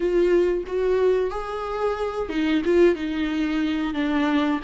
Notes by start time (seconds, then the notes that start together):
0.00 F4
0.67 F#4
1.30 G#4
2.29 D#4
2.64 F4
2.95 D#4
3.94 D4